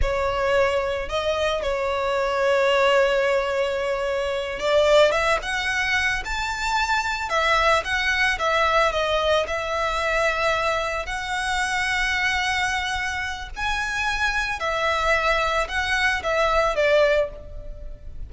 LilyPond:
\new Staff \with { instrumentName = "violin" } { \time 4/4 \tempo 4 = 111 cis''2 dis''4 cis''4~ | cis''1~ | cis''8 d''4 e''8 fis''4. a''8~ | a''4. e''4 fis''4 e''8~ |
e''8 dis''4 e''2~ e''8~ | e''8 fis''2.~ fis''8~ | fis''4 gis''2 e''4~ | e''4 fis''4 e''4 d''4 | }